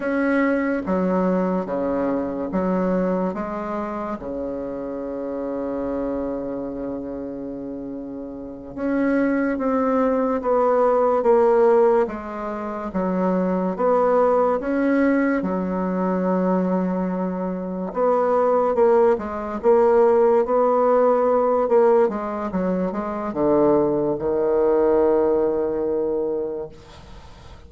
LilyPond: \new Staff \with { instrumentName = "bassoon" } { \time 4/4 \tempo 4 = 72 cis'4 fis4 cis4 fis4 | gis4 cis2.~ | cis2~ cis8 cis'4 c'8~ | c'8 b4 ais4 gis4 fis8~ |
fis8 b4 cis'4 fis4.~ | fis4. b4 ais8 gis8 ais8~ | ais8 b4. ais8 gis8 fis8 gis8 | d4 dis2. | }